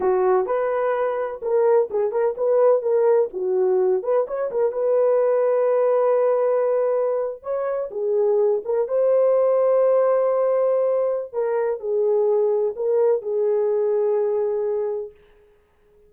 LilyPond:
\new Staff \with { instrumentName = "horn" } { \time 4/4 \tempo 4 = 127 fis'4 b'2 ais'4 | gis'8 ais'8 b'4 ais'4 fis'4~ | fis'8 b'8 cis''8 ais'8 b'2~ | b'2.~ b'8. cis''16~ |
cis''8. gis'4. ais'8 c''4~ c''16~ | c''1 | ais'4 gis'2 ais'4 | gis'1 | }